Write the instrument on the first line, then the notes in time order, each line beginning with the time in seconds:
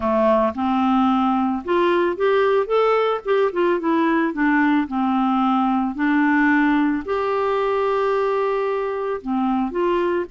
clarinet
0.00 A3
0.55 C4
1.64 F4
2.16 G4
2.66 A4
3.24 G4
3.52 F4
3.79 E4
4.33 D4
4.87 C4
5.95 D4
7.05 G4
9.21 C4
9.71 F4